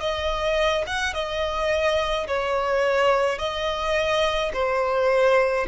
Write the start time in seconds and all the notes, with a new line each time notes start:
0.00 D#5
0.87 F#5
1.14 D#5
2.27 C#5
3.39 D#5
4.53 C5